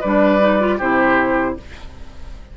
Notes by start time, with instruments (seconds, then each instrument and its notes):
0.00 bassoon G3, clarinet D4, oboe B4, flute D5
0.40 clarinet D#4
0.59 clarinet F4
0.77 bassoon C3, clarinet E4, oboe G4, flute C5